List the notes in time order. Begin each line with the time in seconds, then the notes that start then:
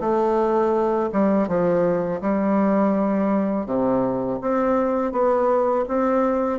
0.00 A3
1.12 G3
1.48 F3
2.21 G3
3.66 C3
4.41 C4
5.12 B3
5.88 C4